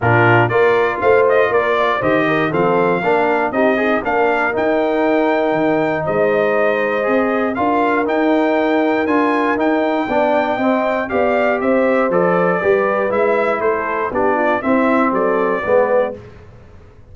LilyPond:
<<
  \new Staff \with { instrumentName = "trumpet" } { \time 4/4 \tempo 4 = 119 ais'4 d''4 f''8 dis''8 d''4 | dis''4 f''2 dis''4 | f''4 g''2. | dis''2. f''4 |
g''2 gis''4 g''4~ | g''2 f''4 e''4 | d''2 e''4 c''4 | d''4 e''4 d''2 | }
  \new Staff \with { instrumentName = "horn" } { \time 4/4 f'4 ais'4 c''4 ais'8 d''8 | c''8 ais'8 a'4 ais'4 g'8 dis'8 | ais'1 | c''2. ais'4~ |
ais'1 | d''4 dis''4 d''4 c''4~ | c''4 b'2 a'4 | g'8 f'8 e'4 a'4 b'4 | }
  \new Staff \with { instrumentName = "trombone" } { \time 4/4 d'4 f'2. | g'4 c'4 d'4 dis'8 gis'8 | d'4 dis'2.~ | dis'2 gis'4 f'4 |
dis'2 f'4 dis'4 | d'4 c'4 g'2 | a'4 g'4 e'2 | d'4 c'2 b4 | }
  \new Staff \with { instrumentName = "tuba" } { \time 4/4 ais,4 ais4 a4 ais4 | dis4 f4 ais4 c'4 | ais4 dis'2 dis4 | gis2 c'4 d'4 |
dis'2 d'4 dis'4 | b4 c'4 b4 c'4 | f4 g4 gis4 a4 | b4 c'4 fis4 gis4 | }
>>